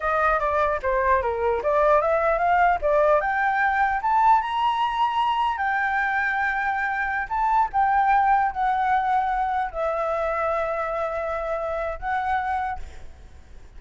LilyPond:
\new Staff \with { instrumentName = "flute" } { \time 4/4 \tempo 4 = 150 dis''4 d''4 c''4 ais'4 | d''4 e''4 f''4 d''4 | g''2 a''4 ais''4~ | ais''2 g''2~ |
g''2~ g''16 a''4 g''8.~ | g''4~ g''16 fis''2~ fis''8.~ | fis''16 e''2.~ e''8.~ | e''2 fis''2 | }